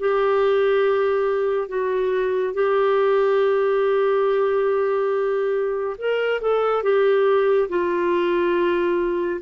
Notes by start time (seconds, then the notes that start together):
0.00 G4
1.69 F#4
2.54 G4
5.98 A#4
6.42 A4
6.83 G4
7.69 F4